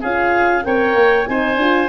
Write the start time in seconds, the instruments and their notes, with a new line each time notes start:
0.00 tuba C#4, horn F4, oboe G#4, clarinet F5
0.63 tuba C4, horn A#4, oboe C#5, clarinet G5
0.94 tuba A#3
1.26 tuba C4, horn D#4, oboe C5, clarinet G#5
1.55 tuba D4, horn F4